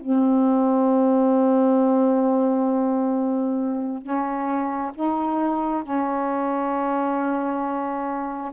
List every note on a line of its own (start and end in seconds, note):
0.00 4.02 C4
4.02 4.92 C#4
4.95 5.83 D#4
5.83 8.52 C#4